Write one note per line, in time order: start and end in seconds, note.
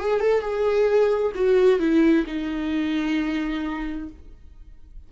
0.00 0.20 G#4
0.20 0.42 A4
0.42 1.33 G#4
1.36 1.80 F#4
1.80 2.25 E4
2.27 4.09 D#4